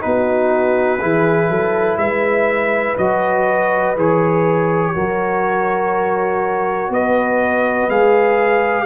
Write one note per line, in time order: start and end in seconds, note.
0.00 1.02 B3
0.00 0.98 D#4
0.00 1.01 F#4
0.00 1.98 B4
1.00 1.49 E3
1.00 2.97 E4
1.00 1.50 G#4
1.49 1.97 F#3
1.49 1.99 A4
1.97 2.95 G#3
1.97 4.94 B4
1.97 2.96 E5
2.98 3.96 F#3
2.98 3.96 F#4
2.98 3.96 D#5
3.96 4.94 E3
3.96 4.95 G#4
3.96 6.93 C#5
4.94 6.89 F#3
4.94 7.90 F#4
4.94 6.91 A#4
6.89 7.88 B3
6.89 8.85 B4
6.89 7.90 D#5
7.88 8.85 G#3
7.88 8.85 G#4
7.88 8.85 F5